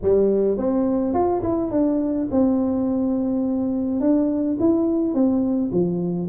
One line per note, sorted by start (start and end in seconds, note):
0.02 0.57 G3
0.57 1.14 C4
1.14 1.42 F4
1.42 1.70 E4
1.70 2.28 D4
2.31 4.00 C4
4.00 4.57 D4
4.59 5.14 E4
5.14 5.71 C4
5.71 6.29 F3